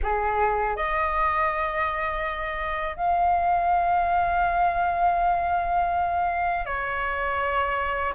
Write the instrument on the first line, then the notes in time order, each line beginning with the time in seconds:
flute
0.02 G#4
0.76 D#5
2.96 F5
6.65 C#5